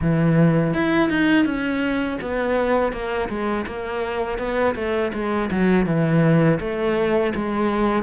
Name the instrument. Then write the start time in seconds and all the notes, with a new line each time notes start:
cello
0.01 E3
0.73 E4
1.09 D#4
1.45 C#4
2.21 B3
2.92 A#3
3.29 G#3
3.66 A#3
4.38 B3
4.75 A3
5.13 G#3
5.50 F#3
5.86 E3
6.60 A3
7.35 G#3